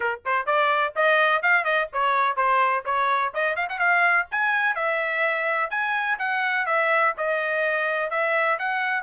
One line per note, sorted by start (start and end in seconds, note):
0.00 0.19 A#4
0.25 0.45 C5
0.45 0.93 D5
0.95 1.42 D#5
1.42 1.64 F5
1.64 1.88 D#5
1.92 2.36 C#5
2.36 2.84 C5
2.85 3.32 C#5
3.34 3.55 D#5
3.55 3.67 F5
3.69 3.79 F#5
3.79 4.26 F5
4.31 4.75 G#5
4.75 5.70 E5
5.70 6.18 G#5
6.18 6.66 F#5
6.66 7.13 E5
7.17 8.10 D#5
8.10 8.58 E5
8.58 9.03 F#5